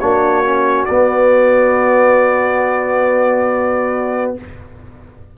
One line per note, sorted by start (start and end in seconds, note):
0.00 0.89 A#3
0.00 0.44 D4
0.00 4.36 F#4
0.00 0.86 C#5
0.44 0.88 C#4
0.86 4.37 B3
0.86 4.38 B3
0.86 4.33 D5